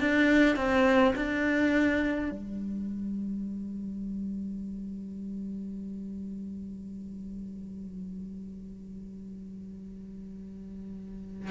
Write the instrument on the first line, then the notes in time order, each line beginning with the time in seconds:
cello
0.00 D4
0.57 C4
1.16 D4
2.31 G3